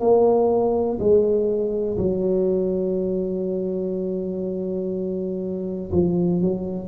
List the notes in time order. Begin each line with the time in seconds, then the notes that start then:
0.00 A#3
0.99 G#3
1.98 F#3
5.92 F3
6.41 F#3